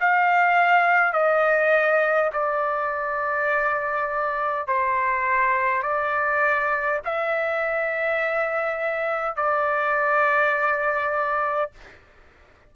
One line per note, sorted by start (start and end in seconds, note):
0.00 1.13 F5
1.13 2.30 D#5
2.33 4.67 D5
4.67 5.82 C5
5.82 7.00 D5
7.05 9.36 E5
9.36 11.71 D5